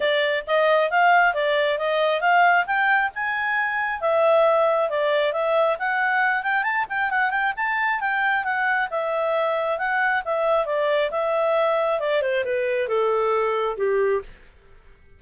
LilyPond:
\new Staff \with { instrumentName = "clarinet" } { \time 4/4 \tempo 4 = 135 d''4 dis''4 f''4 d''4 | dis''4 f''4 g''4 gis''4~ | gis''4 e''2 d''4 | e''4 fis''4. g''8 a''8 g''8 |
fis''8 g''8 a''4 g''4 fis''4 | e''2 fis''4 e''4 | d''4 e''2 d''8 c''8 | b'4 a'2 g'4 | }